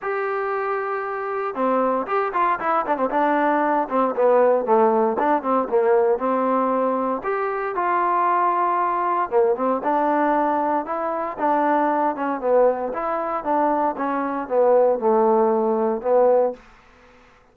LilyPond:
\new Staff \with { instrumentName = "trombone" } { \time 4/4 \tempo 4 = 116 g'2. c'4 | g'8 f'8 e'8 d'16 c'16 d'4. c'8 | b4 a4 d'8 c'8 ais4 | c'2 g'4 f'4~ |
f'2 ais8 c'8 d'4~ | d'4 e'4 d'4. cis'8 | b4 e'4 d'4 cis'4 | b4 a2 b4 | }